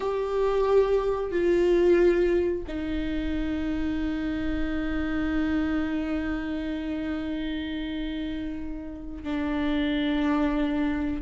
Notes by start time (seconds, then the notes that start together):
0.00 G4
1.31 F4
2.67 D#4
9.23 D4